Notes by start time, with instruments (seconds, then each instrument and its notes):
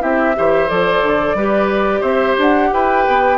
0.00 bassoon C4, clarinet E4, oboe G4, flute E5
0.35 bassoon E3, clarinet G4, oboe C5
0.68 bassoon F3, clarinet A4, flute D5
1.02 bassoon D3
1.34 bassoon G3, clarinet G4, oboe B4
2.00 bassoon C4, oboe C5, flute E5
2.37 bassoon D4, flute F#5
2.73 bassoon E4, oboe B4, flute G5
3.07 bassoon B3